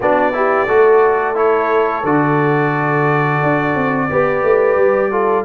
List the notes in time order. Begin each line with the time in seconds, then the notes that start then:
0.00 B3 D4 F#4 D5
0.33 E4 G4
0.67 A3 F#4 A4
1.34 E4 C#5
2.03 D3 F#4 D5
3.42 D4
3.75 C4
4.10 B3 G4 B4
4.43 A3
4.76 G3
5.11 F4 A4